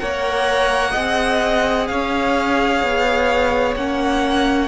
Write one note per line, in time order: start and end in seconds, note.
0.00 0.96 A#3
0.00 0.95 A#4
0.00 0.92 C#5
0.00 1.88 F#5
0.92 1.90 C4
0.92 3.77 G#4
0.92 1.86 D#5
1.88 2.83 C#4
1.88 4.68 C#5
1.88 3.75 F5
2.83 3.76 B3
3.76 4.68 A#3
3.76 4.68 C#4
3.76 4.68 F#5